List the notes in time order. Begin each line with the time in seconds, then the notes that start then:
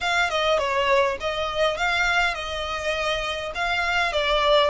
0.01 F5
0.30 D#5
0.58 C#5
1.20 D#5
1.77 F5
2.34 D#5
3.55 F5
4.12 D5